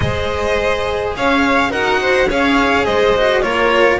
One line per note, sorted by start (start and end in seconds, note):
0.00 1.15 G#3
0.00 1.69 G#4
0.00 1.16 C5
0.00 1.13 D#5
1.16 1.70 C#4
1.16 1.70 C#5
1.16 1.72 F5
1.69 2.27 D#4
1.69 2.26 F#4
1.69 1.99 A#4
1.69 2.29 F#5
2.00 2.28 C5
2.28 2.86 C#4
2.28 3.15 G#4
2.28 2.85 C#5
2.28 2.85 F5
2.85 3.43 G#3
2.85 3.42 C5
2.85 3.42 D#5
3.16 3.42 F#4
3.42 3.99 A#3
3.42 3.99 F4
3.42 3.99 A#4
3.42 3.99 C#5